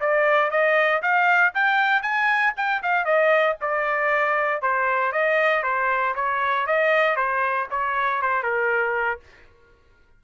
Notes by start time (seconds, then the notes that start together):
0.00 D5
0.50 D#5
1.02 F5
1.54 G5
2.02 G#5
2.56 G5
2.83 F5
3.05 D#5
3.61 D5
4.61 C5
5.12 D#5
5.63 C5
6.15 C#5
6.66 D#5
7.16 C5
7.70 C#5
8.21 C5
8.43 A#4